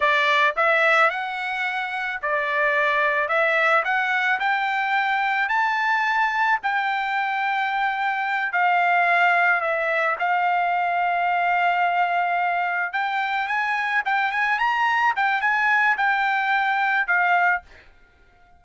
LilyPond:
\new Staff \with { instrumentName = "trumpet" } { \time 4/4 \tempo 4 = 109 d''4 e''4 fis''2 | d''2 e''4 fis''4 | g''2 a''2 | g''2.~ g''8 f''8~ |
f''4. e''4 f''4.~ | f''2.~ f''8 g''8~ | g''8 gis''4 g''8 gis''8 ais''4 g''8 | gis''4 g''2 f''4 | }